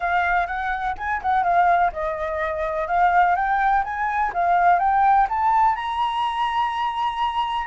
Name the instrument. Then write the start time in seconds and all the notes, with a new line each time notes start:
flute
0.00 F5
0.47 F#5
0.97 G#5
1.22 F#5
1.43 F5
1.92 D#5
2.87 F5
3.35 G5
3.84 G#5
4.33 F5
4.79 G5
5.29 A5
5.75 A#5